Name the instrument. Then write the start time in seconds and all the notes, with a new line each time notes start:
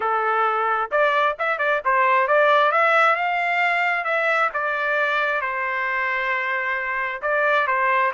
trumpet
0.00 A4
0.91 D5
1.38 E5
1.58 D5
1.84 C5
2.27 D5
2.71 E5
3.15 F5
4.04 E5
4.53 D5
5.41 C5
7.22 D5
7.67 C5